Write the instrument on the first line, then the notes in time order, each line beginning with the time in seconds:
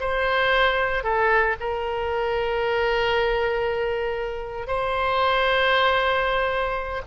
oboe
0.00 C5
1.04 A4
1.60 A#4
4.67 C5